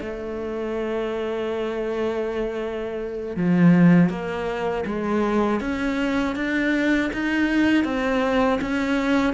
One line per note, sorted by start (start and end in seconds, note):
0.00 3.36 A3
3.36 4.09 F3
4.09 4.84 A#3
4.85 5.60 G#3
5.60 6.35 C#4
6.35 7.10 D4
7.13 7.84 D#4
7.84 8.59 C4
8.61 9.33 C#4